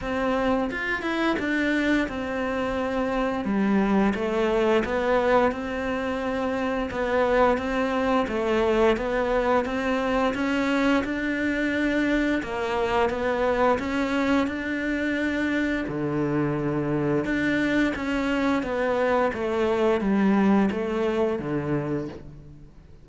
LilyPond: \new Staff \with { instrumentName = "cello" } { \time 4/4 \tempo 4 = 87 c'4 f'8 e'8 d'4 c'4~ | c'4 g4 a4 b4 | c'2 b4 c'4 | a4 b4 c'4 cis'4 |
d'2 ais4 b4 | cis'4 d'2 d4~ | d4 d'4 cis'4 b4 | a4 g4 a4 d4 | }